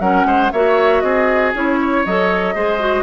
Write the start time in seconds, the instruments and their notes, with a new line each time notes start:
0.00 bassoon F#3, clarinet C#4, oboe A#4, flute F#5
0.25 bassoon G#3, oboe C5
0.52 bassoon A#3, clarinet F#4, oboe C#5, flute E5
1.01 bassoon C4, oboe G#4, flute D#5
1.54 bassoon C#4, clarinet E4, flute C#5
1.81 oboe C#5
2.06 bassoon F#3, clarinet A4, flute D#5
2.55 bassoon G#3, clarinet G#4, oboe C5
2.80 clarinet F#4